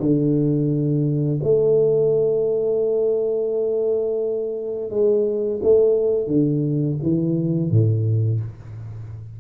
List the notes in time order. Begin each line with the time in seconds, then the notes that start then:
0.00 D3
1.43 A3
4.91 G#3
5.63 A3
6.27 D3
7.03 E3
7.71 A2